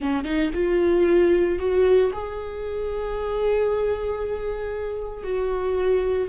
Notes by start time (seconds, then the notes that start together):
0.00 C#4
0.24 D#4
0.53 F4
1.58 F#4
2.12 G#4
5.23 F#4